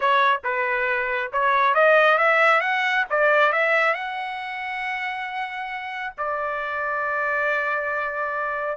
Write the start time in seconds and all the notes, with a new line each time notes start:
0.00 C#5
0.44 B4
1.32 C#5
1.74 D#5
2.18 E5
2.61 F#5
3.10 D5
3.52 E5
3.94 F#5
6.17 D5